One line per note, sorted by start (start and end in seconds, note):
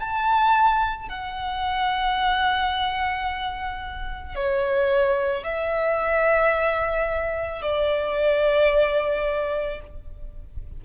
0.00 1.09 A5
1.09 4.35 F#5
4.35 5.44 C#5
5.44 7.62 E5
7.62 9.80 D5